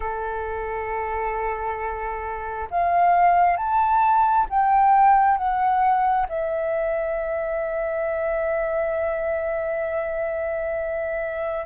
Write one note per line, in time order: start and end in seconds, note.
0.00 2.68 A4
2.70 3.57 F5
3.57 4.46 A5
4.49 5.37 G5
5.37 6.26 F#5
6.28 11.66 E5